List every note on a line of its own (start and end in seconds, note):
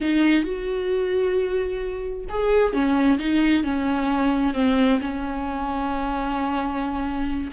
0.00 0.43 D#4
0.43 2.25 F#4
2.29 2.73 G#4
2.73 3.18 C#4
3.18 3.63 D#4
3.63 4.54 C#4
4.54 4.99 C4
5.01 7.51 C#4